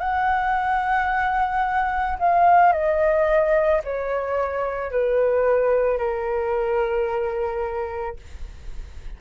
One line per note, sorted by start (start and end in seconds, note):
0.00 2.18 F#5
2.19 2.73 F5
2.73 3.82 D#5
3.84 4.92 C#5
4.92 5.99 B4
5.99 8.17 A#4